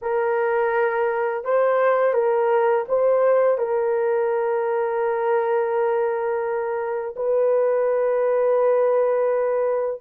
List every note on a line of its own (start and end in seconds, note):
0.01 1.44 A#4
1.44 2.13 C5
2.13 2.85 A#4
2.88 3.58 C5
3.58 7.15 A#4
7.16 10.01 B4